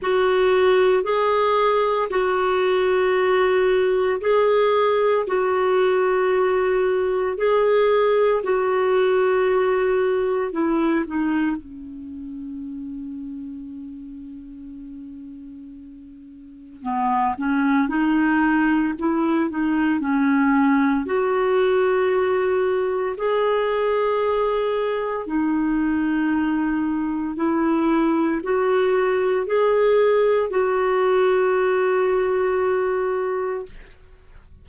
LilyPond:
\new Staff \with { instrumentName = "clarinet" } { \time 4/4 \tempo 4 = 57 fis'4 gis'4 fis'2 | gis'4 fis'2 gis'4 | fis'2 e'8 dis'8 cis'4~ | cis'1 |
b8 cis'8 dis'4 e'8 dis'8 cis'4 | fis'2 gis'2 | dis'2 e'4 fis'4 | gis'4 fis'2. | }